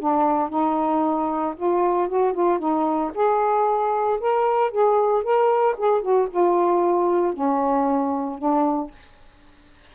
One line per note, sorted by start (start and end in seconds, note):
0.00 0.49 D4
0.49 1.55 D#4
1.57 2.09 F4
2.09 2.33 F#4
2.33 2.59 F4
2.59 3.12 D#4
3.15 4.20 G#4
4.20 4.71 A#4
4.71 5.23 G#4
5.23 5.76 A#4
5.78 6.02 G#4
6.02 6.28 F#4
6.31 7.34 F4
7.34 8.39 C#4
8.39 8.91 D4